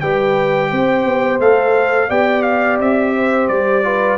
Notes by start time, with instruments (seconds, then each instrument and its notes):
0.00 tuba G3, trombone G4, horn B4, trumpet G5
0.70 tuba C4, horn C5
1.05 tuba B3
1.40 tuba A3, trombone A4, trumpet F5
2.08 tuba B3, trombone G4, horn D5, trumpet G5
2.42 trumpet F5
2.79 tuba C4, trumpet E5
3.16 horn C5
3.48 tuba G3, trumpet D5
3.84 trombone F4, horn B4